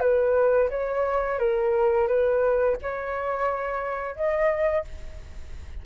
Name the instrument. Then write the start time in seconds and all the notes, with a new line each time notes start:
flute
0.00 B4
0.70 C#5
1.39 A#4
2.08 B4
2.82 C#5
4.15 D#5